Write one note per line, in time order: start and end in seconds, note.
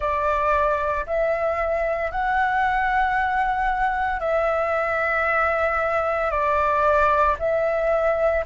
0.00 1.05 D5
1.06 2.11 E5
2.11 4.20 F#5
4.20 6.30 E5
6.31 7.36 D5
7.39 8.44 E5